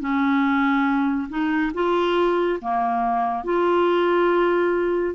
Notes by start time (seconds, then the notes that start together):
0.00 C#4
1.29 D#4
1.74 F4
2.61 A#3
3.44 F4